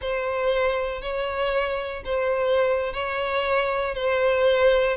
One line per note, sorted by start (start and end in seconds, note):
0.01 1.01 C5
1.01 2.03 C#5
2.05 2.93 C5
2.93 3.95 C#5
3.95 4.96 C5